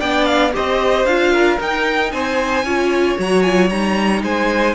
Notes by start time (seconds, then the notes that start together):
0.00 B3 D4 D5 G5
0.25 F5
0.52 G4 C5 D#5
0.59 C4
1.05 D4 F4 F5
1.32 A#4
1.58 D#4 G5
2.11 C4 C5 G#5
2.63 C#4 F4 C#5
3.18 F#3 F#4 A#5
3.42 F4 G#5
3.69 G3 D#4 A#5
4.22 G#3 C5 G#5